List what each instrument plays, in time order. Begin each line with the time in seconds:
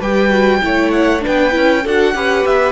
0.00 cello G3, viola G4, violin B4 G5
0.30 viola F#4
0.62 cello A3, viola E4, violin C#5
0.91 violin F#5
1.21 viola D4, violin B4 G5
1.28 cello B3
1.51 cello C#4, viola E4
1.84 cello D4, viola F#4, violin A4 F#5
2.15 cello C#4, viola G4, violin B4
2.46 cello B3, violin E5